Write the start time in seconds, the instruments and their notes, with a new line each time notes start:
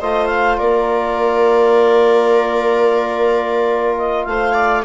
0.00 bassoon A3, trombone F4, viola C5, clarinet D#5
0.26 clarinet F5
0.57 bassoon A#3, viola A#4, clarinet D5
3.98 clarinet D#5
4.24 bassoon A3, viola C5, clarinet F5
4.53 viola D5